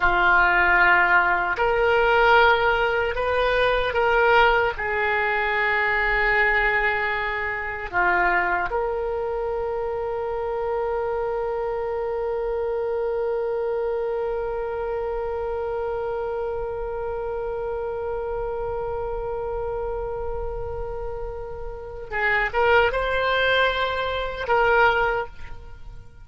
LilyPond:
\new Staff \with { instrumentName = "oboe" } { \time 4/4 \tempo 4 = 76 f'2 ais'2 | b'4 ais'4 gis'2~ | gis'2 f'4 ais'4~ | ais'1~ |
ais'1~ | ais'1~ | ais'1 | gis'8 ais'8 c''2 ais'4 | }